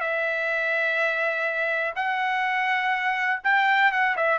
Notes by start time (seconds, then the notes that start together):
0.00 E5
1.95 F#5
3.44 G5
3.91 F#5
4.16 E5